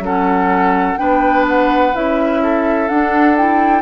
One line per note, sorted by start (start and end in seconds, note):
0.00 0.95 F#3
0.00 0.98 C#4
0.00 1.00 A4
0.00 0.98 F#5
0.98 1.95 B3
0.98 1.93 D4
0.98 2.42 B4
0.98 1.45 G5
1.48 1.96 F#5
1.94 2.90 C#4
1.94 2.89 E4
1.94 2.89 E5
2.43 3.82 A4
2.89 3.37 D4
2.89 3.82 D4
2.89 3.36 F#5
3.37 3.82 E4
3.37 3.82 G5